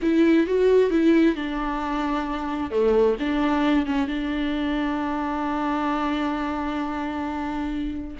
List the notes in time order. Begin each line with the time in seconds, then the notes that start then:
0.01 E4
0.46 F#4
0.90 E4
1.35 D4
2.70 A3
3.19 D4
3.86 C#4
4.07 D4